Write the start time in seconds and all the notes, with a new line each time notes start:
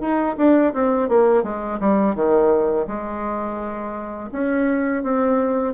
0.00 D#4
0.37 D4
0.73 C4
1.09 A#3
1.43 G#3
1.80 G3
2.15 D#3
2.87 G#3
4.32 C#4
5.03 C4